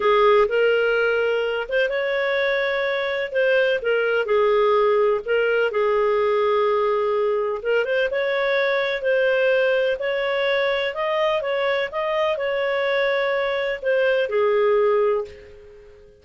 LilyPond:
\new Staff \with { instrumentName = "clarinet" } { \time 4/4 \tempo 4 = 126 gis'4 ais'2~ ais'8 c''8 | cis''2. c''4 | ais'4 gis'2 ais'4 | gis'1 |
ais'8 c''8 cis''2 c''4~ | c''4 cis''2 dis''4 | cis''4 dis''4 cis''2~ | cis''4 c''4 gis'2 | }